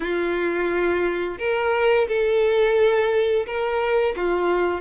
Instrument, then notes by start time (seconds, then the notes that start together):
violin
0.00 F4
1.38 A#4
2.08 A4
3.46 A#4
4.16 F4